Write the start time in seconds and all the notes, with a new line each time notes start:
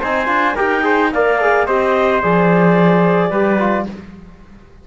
0.00 C4 D#4 C5 G#5
0.25 D4 F4
0.55 D#4 G4 A#4 G5
0.82 G#4 C5
1.12 A#3 A#4 D5 F5
1.41 G#4
1.66 C4 G4 C5 D#5
2.22 F3 G#4 D5
3.30 G3 G4 B4
3.59 F4